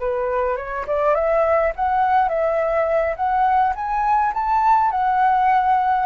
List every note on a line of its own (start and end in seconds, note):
0.00 0.57 B4
0.57 0.86 C#5
0.87 1.15 D5
1.15 1.73 E5
1.76 2.29 F#5
2.29 3.15 E5
3.16 3.74 F#5
3.76 4.33 G#5
4.34 4.91 A5
4.91 6.06 F#5